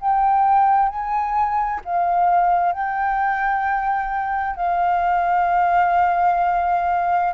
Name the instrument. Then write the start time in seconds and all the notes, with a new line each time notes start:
flute
0.00 G5
0.88 G#5
1.84 F5
2.72 G5
4.56 F5